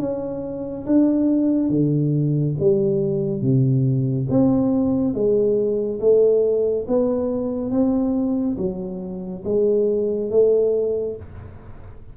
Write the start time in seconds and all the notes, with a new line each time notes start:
0.00 C#4
0.86 D4
1.70 D3
2.60 G3
3.42 C3
4.30 C4
5.14 G#3
6.00 A3
6.88 B3
7.71 C4
8.58 F#3
9.45 G#3
10.31 A3